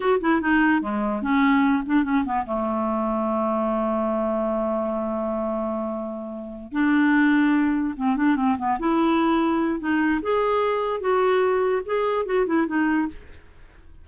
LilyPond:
\new Staff \with { instrumentName = "clarinet" } { \time 4/4 \tempo 4 = 147 fis'8 e'8 dis'4 gis4 cis'4~ | cis'8 d'8 cis'8 b8 a2~ | a1~ | a1~ |
a8 d'2. c'8 | d'8 c'8 b8 e'2~ e'8 | dis'4 gis'2 fis'4~ | fis'4 gis'4 fis'8 e'8 dis'4 | }